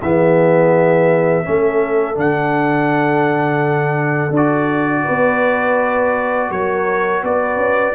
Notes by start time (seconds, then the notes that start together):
0.00 E3 B3 G#4 E5
1.44 A3 C#4 A4
2.15 D3 D4 F#5
4.30 D4 D5
4.36 F#4
5.03 B3 B4
6.50 F#3 A#4 C#5
7.23 B3 B4 D5
7.56 C#4